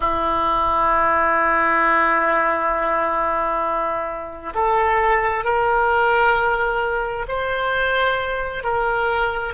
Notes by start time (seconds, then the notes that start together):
0.00 E4
4.54 A4
5.44 A#4
7.27 C5
8.63 A#4